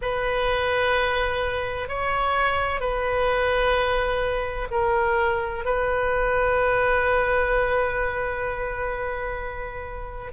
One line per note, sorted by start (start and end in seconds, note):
0.01 1.88 B4
1.88 2.80 C#5
2.80 4.67 B4
4.70 5.64 A#4
5.64 10.32 B4